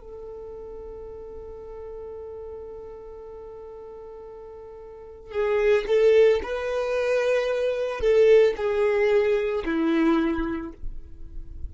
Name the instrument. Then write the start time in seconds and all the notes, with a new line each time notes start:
violin
0.00 A4
5.32 G#4
5.87 A4
6.43 B4
8.00 A4
8.57 G#4
9.65 E4